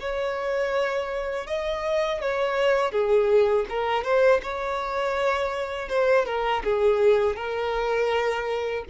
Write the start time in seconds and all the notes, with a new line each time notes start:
0.00 C#5
1.47 D#5
2.21 C#5
2.92 G#4
3.69 A#4
4.04 C5
4.43 C#5
5.89 C5
6.26 A#4
6.64 G#4
7.36 A#4